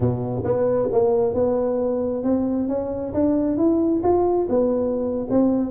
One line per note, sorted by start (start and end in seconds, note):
0.00 0.43 B2
0.44 0.88 B3
0.92 1.34 A#3
1.34 2.23 B3
2.23 2.68 C4
2.68 3.13 C#4
3.13 3.57 D4
3.57 4.02 E4
4.03 4.47 F4
4.49 5.27 B3
5.30 5.70 C4